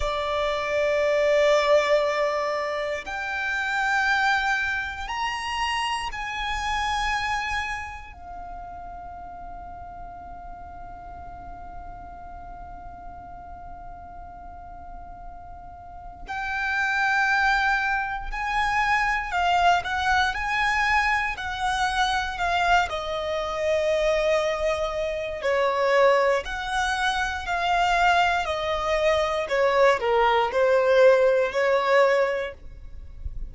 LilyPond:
\new Staff \with { instrumentName = "violin" } { \time 4/4 \tempo 4 = 59 d''2. g''4~ | g''4 ais''4 gis''2 | f''1~ | f''1 |
g''2 gis''4 f''8 fis''8 | gis''4 fis''4 f''8 dis''4.~ | dis''4 cis''4 fis''4 f''4 | dis''4 cis''8 ais'8 c''4 cis''4 | }